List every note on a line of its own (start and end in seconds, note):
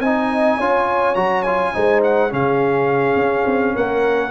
0.00 0.58 C4
0.00 0.61 D#4
0.00 0.58 D#5
0.00 1.16 G#5
0.58 1.16 C#4
0.58 1.16 F4
0.58 1.73 C#5
1.16 1.74 F#3
1.16 1.44 F#4
1.16 1.43 A#5
1.43 1.74 F4
1.43 2.01 G#5
1.74 2.32 G#3
1.74 2.30 D#4
1.74 2.32 C5
2.04 2.33 F#5
2.30 3.16 C#3
2.30 4.32 C#4
2.30 3.76 G#4
2.30 3.77 F5
3.16 3.45 C#4
3.46 3.75 C4
3.76 4.32 A#3
3.76 4.32 A#4
3.76 4.32 F#5